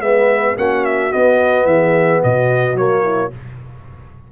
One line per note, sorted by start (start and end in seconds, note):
0.00 0.55 G#3
0.00 0.56 B3
0.00 0.56 B4
0.00 0.56 E5
0.56 1.12 A#3
0.56 1.11 C#4
0.56 1.66 F#4
0.56 0.85 F#5
0.85 1.12 E5
1.11 2.76 B3
1.11 1.65 B3
1.11 1.66 D#5
1.65 2.20 E3
1.65 2.23 G#4
1.65 2.21 E5
2.23 2.74 B2
2.23 3.03 F#4
2.23 2.77 D#5
2.74 3.29 F#3
2.74 3.31 A#3
2.74 3.32 C#5
3.03 3.30 E4